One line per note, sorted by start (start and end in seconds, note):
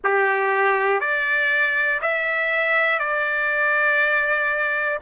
0.04 1.00 G4
1.00 2.00 D5
2.01 2.99 E5
2.99 4.99 D5